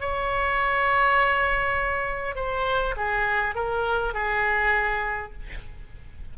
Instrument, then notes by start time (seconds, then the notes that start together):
oboe
0.00 C#5
2.35 C5
2.96 G#4
3.55 A#4
4.14 G#4